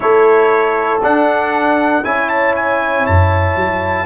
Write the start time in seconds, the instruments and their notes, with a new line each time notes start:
0.00 tuba A3, trombone E4, horn A4, trumpet C#5
1.01 tuba D4, trombone D4, trumpet F#5
2.03 tuba C#4, trombone E4, horn C#5, trumpet G#5
2.28 trumpet A5
2.55 trumpet G#5
3.06 tuba F#2, trumpet A5
3.55 tuba F#3